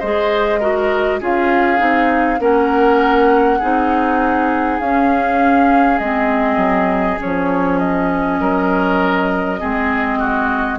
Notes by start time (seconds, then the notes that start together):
0.00 G#3 G#4 C5 D#5
0.60 F#4 A#4
1.20 C#4 F4 G#4 F5
1.78 C4 D#4
2.40 A#3 C#4 A#4 F#5
3.59 C4 D#4 G#4
4.80 C#4 F5
5.99 G#3 C4 D#5
6.57 F#3
7.18 F3 C#4 C#5
7.79 D#5
8.41 F#3 A#4
9.59 G#3 C4 G#4
10.19 F#4